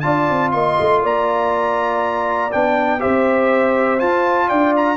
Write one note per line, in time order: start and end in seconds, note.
0.00 0.30 D4
0.00 2.51 F4
0.00 0.53 D5
0.00 0.50 A5
0.30 0.54 C4
0.52 0.79 A#3
0.52 1.02 D#5
0.52 1.01 C6
0.80 1.03 A3
1.02 2.52 A#3
1.02 3.01 D5
1.02 2.52 A#5
2.52 3.04 B3
2.52 3.00 D4
2.52 3.01 G5
3.00 4.02 C4
3.00 3.99 G4
3.00 4.49 C5
3.00 4.00 E5
3.99 4.97 F4
3.99 4.51 F4
3.99 4.49 A5
4.49 4.97 D4
4.49 4.97 D5
4.49 4.74 G5
4.77 4.97 A#5